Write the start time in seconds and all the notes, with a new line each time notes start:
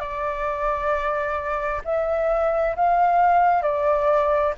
0.00 D5
1.85 E5
2.76 F5
3.63 D5